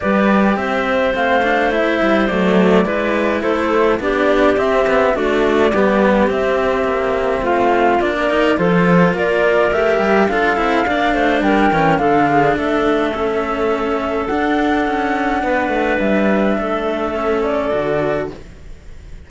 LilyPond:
<<
  \new Staff \with { instrumentName = "flute" } { \time 4/4 \tempo 4 = 105 d''4 e''4 f''4 e''4 | d''2 c''4 d''4 | e''4 d''2 e''4~ | e''4 f''4 d''4 c''4 |
d''4 e''4 f''2 | g''4 f''4 e''2~ | e''4 fis''2. | e''2~ e''8 d''4. | }
  \new Staff \with { instrumentName = "clarinet" } { \time 4/4 b'4 c''2.~ | c''4 b'4 a'4 g'4~ | g'4 fis'4 g'2~ | g'4 f'4~ f'16 ais'8. a'4 |
ais'2 a'4 d''8 c''8 | ais'4 a'8 gis'8 a'2~ | a'2. b'4~ | b'4 a'2. | }
  \new Staff \with { instrumentName = "cello" } { \time 4/4 g'2 c'8 d'8 e'4 | a4 e'2 d'4 | c'8 b8 a4 b4 c'4~ | c'2 d'8 dis'8 f'4~ |
f'4 g'4 f'8 e'8 d'4~ | d'8 cis'8 d'2 cis'4~ | cis'4 d'2.~ | d'2 cis'4 fis'4 | }
  \new Staff \with { instrumentName = "cello" } { \time 4/4 g4 c'4 a4. g8 | fis4 gis4 a4 b4 | c'4 d'4 g4 c'4 | ais4 a4 ais4 f4 |
ais4 a8 g8 d'8 c'8 ais8 a8 | g8 e8 d4 a2~ | a4 d'4 cis'4 b8 a8 | g4 a2 d4 | }
>>